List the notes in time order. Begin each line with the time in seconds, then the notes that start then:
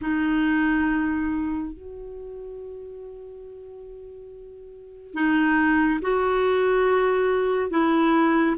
0.01 D#4
1.72 F#4
5.14 D#4
6.01 F#4
7.70 E4